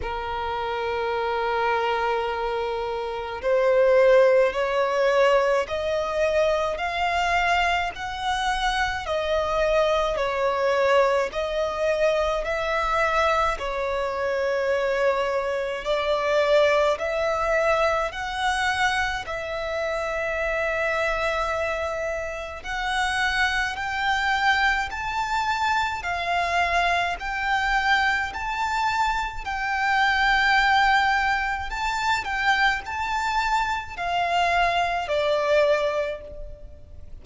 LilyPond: \new Staff \with { instrumentName = "violin" } { \time 4/4 \tempo 4 = 53 ais'2. c''4 | cis''4 dis''4 f''4 fis''4 | dis''4 cis''4 dis''4 e''4 | cis''2 d''4 e''4 |
fis''4 e''2. | fis''4 g''4 a''4 f''4 | g''4 a''4 g''2 | a''8 g''8 a''4 f''4 d''4 | }